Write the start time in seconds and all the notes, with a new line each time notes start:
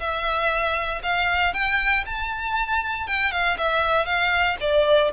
0.00 E5
1.03 F5
1.53 G5
2.05 A5
3.07 G5
3.31 F5
3.58 E5
4.05 F5
4.60 D5